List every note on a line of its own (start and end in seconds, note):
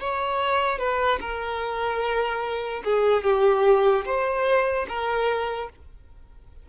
0.00 0.79 C#5
0.79 1.19 B4
1.21 2.83 A#4
2.85 3.24 G#4
3.24 4.05 G4
4.05 4.86 C5
4.88 5.69 A#4